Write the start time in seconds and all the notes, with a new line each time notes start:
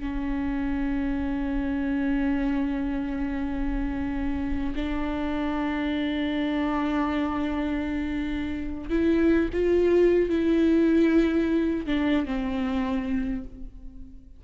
0.00 C#4
4.75 D4
8.90 E4
9.53 F4
10.30 E4
11.86 D4
12.26 C4